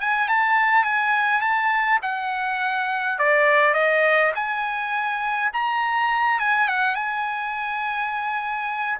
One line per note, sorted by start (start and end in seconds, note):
0.00 0.28 G#5
0.28 0.83 A5
0.83 1.41 G#5
1.41 1.99 A5
2.02 3.18 F#5
3.18 3.74 D5
3.74 4.32 D#5
4.35 5.51 G#5
5.53 6.39 A#5
6.39 6.68 G#5
6.68 6.95 F#5
6.95 8.98 G#5